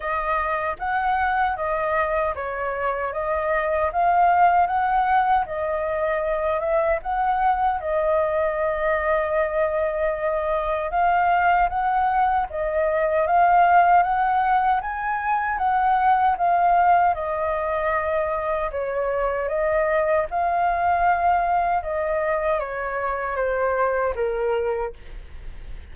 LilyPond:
\new Staff \with { instrumentName = "flute" } { \time 4/4 \tempo 4 = 77 dis''4 fis''4 dis''4 cis''4 | dis''4 f''4 fis''4 dis''4~ | dis''8 e''8 fis''4 dis''2~ | dis''2 f''4 fis''4 |
dis''4 f''4 fis''4 gis''4 | fis''4 f''4 dis''2 | cis''4 dis''4 f''2 | dis''4 cis''4 c''4 ais'4 | }